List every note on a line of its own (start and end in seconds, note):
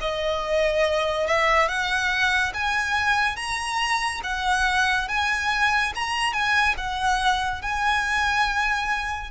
0.00 1.26 D#5
1.26 1.67 E5
1.67 2.52 F#5
2.54 3.36 G#5
3.36 4.20 A#5
4.23 5.07 F#5
5.08 5.92 G#5
5.95 6.32 A#5
6.32 6.75 G#5
6.77 7.61 F#5
7.61 9.30 G#5